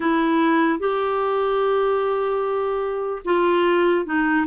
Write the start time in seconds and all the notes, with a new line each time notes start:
0.00 E4
0.79 G4
3.24 F4
4.05 D#4